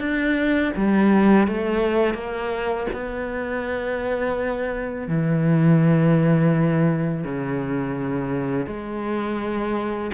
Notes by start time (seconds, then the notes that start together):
0.00 D4
0.76 G3
1.48 A3
2.14 A#3
2.93 B3
5.08 E3
7.25 C#3
8.66 G#3